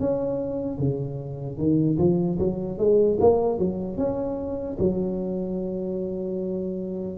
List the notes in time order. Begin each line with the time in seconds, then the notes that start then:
0.00 C#4
0.79 C#3
1.58 D#3
1.98 F3
2.39 F#3
2.79 G#3
3.20 A#3
3.59 F#3
3.97 C#4
4.79 F#3